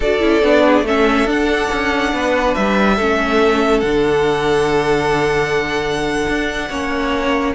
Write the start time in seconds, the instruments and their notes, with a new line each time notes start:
0.00 cello D4, viola F#4, violin A4 D5
0.19 cello C#4, viola E4
0.43 cello B3, viola D4
0.65 violin G#4
0.81 cello A3, viola C#4, violin A4 E5
1.24 cello D4, viola D4, violin F#5
1.72 cello C#4
2.13 cello B3, violin B4
2.54 cello G3, violin E5
2.95 cello A3, viola C#4, violin A4
3.80 cello D3, viola D4, violin F#5
6.28 cello D4
6.69 cello A#3, viola C#4, violin C#5